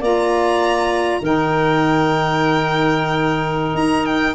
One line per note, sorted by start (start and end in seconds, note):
0.00 1.20 A#3
0.00 1.21 F4
0.00 1.20 D5
0.00 1.24 A#5
1.21 3.74 D#3
1.21 4.35 D#4
1.21 4.35 A#4
1.21 3.76 G5
3.74 4.34 D#4
3.74 4.05 A#5
4.05 4.35 G5